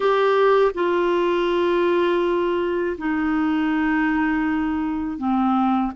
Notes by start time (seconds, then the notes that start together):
0.00 G4
0.74 F4
2.98 D#4
5.18 C4